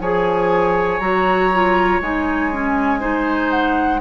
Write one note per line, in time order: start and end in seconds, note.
0.00 1.00 F3
0.00 1.00 G#4
0.00 3.00 C#5
0.00 1.00 G#5
1.00 2.00 F#3
1.00 1.50 F#4
1.00 2.00 A#5
1.53 2.02 F4
2.01 4.01 G#3
2.01 2.52 D#4
2.01 3.50 G#5
2.52 3.00 C#4
3.00 4.00 D#4
3.00 4.00 C5
3.50 4.00 F#5